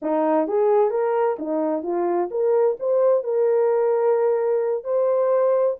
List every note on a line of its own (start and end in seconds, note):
0.02 0.47 D#4
0.47 0.90 G#4
0.90 1.36 A#4
1.38 1.83 D#4
1.83 2.29 F4
2.31 2.77 A#4
2.79 3.23 C5
3.23 4.84 A#4
4.84 5.76 C5